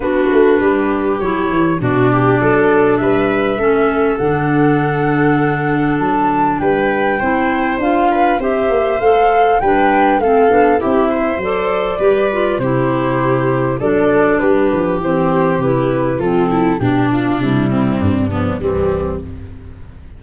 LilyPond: <<
  \new Staff \with { instrumentName = "flute" } { \time 4/4 \tempo 4 = 100 b'2 cis''4 d''4~ | d''4 e''2 fis''4~ | fis''2 a''4 g''4~ | g''4 f''4 e''4 f''4 |
g''4 f''4 e''4 d''4~ | d''4 c''2 d''4 | b'4 c''4 b'4 a'4 | g'8 f'8 e'4 d'4 c'4 | }
  \new Staff \with { instrumentName = "viola" } { \time 4/4 fis'4 g'2 fis'8 g'8 | a'4 b'4 a'2~ | a'2. b'4 | c''4. b'8 c''2 |
b'4 a'4 g'8 c''4. | b'4 g'2 a'4 | g'2. f'8 e'8 | d'4. c'4 b8 g4 | }
  \new Staff \with { instrumentName = "clarinet" } { \time 4/4 d'2 e'4 d'4~ | d'2 cis'4 d'4~ | d'1 | e'4 f'4 g'4 a'4 |
d'4 c'8 d'8 e'4 a'4 | g'8 f'8 e'2 d'4~ | d'4 c'4 e'4 c'4 | d'4 g4. f8 e4 | }
  \new Staff \with { instrumentName = "tuba" } { \time 4/4 b8 a8 g4 fis8 e8 b,4 | fis4 g4 a4 d4~ | d2 fis4 g4 | c'4 d'4 c'8 ais8 a4 |
g4 a8 b8 c'4 fis4 | g4 c2 fis4 | g8 f8 e4 c4 f4 | b,4 c4 g,4 c,4 | }
>>